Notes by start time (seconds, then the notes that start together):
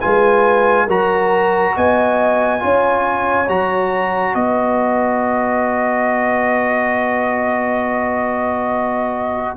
0.00 G#3 F4 B4 G#5
0.85 F#3 F#4 A#4 A#5
1.76 B3 D#5 G#5
2.59 C#4 F4 C#5
3.48 F#3 F#4 A#5
4.34 B3 B4 D#5